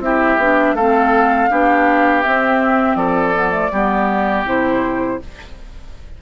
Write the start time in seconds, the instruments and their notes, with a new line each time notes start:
0.00 bassoon C4, clarinet E4, oboe G4, flute E5
0.38 bassoon B3, clarinet D4
0.74 bassoon A3, clarinet C4, oboe A4, flute F5
1.50 bassoon B3, clarinet D4, oboe G4
2.23 clarinet C4, bassoon C4, flute E5
2.96 bassoon F3, oboe A4, flute D5
3.35 clarinet B3
3.51 clarinet A3
3.72 bassoon G3, clarinet B3, oboe G4
4.45 bassoon C3, clarinet E4, flute C5